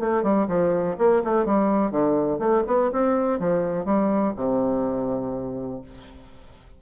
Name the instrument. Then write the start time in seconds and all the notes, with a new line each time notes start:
bassoon
0.00 A3
0.23 G3
0.48 F3
0.98 A#3
1.24 A3
1.45 G3
1.91 D3
2.39 A3
2.67 B3
2.92 C4
3.40 F3
3.85 G3
4.36 C3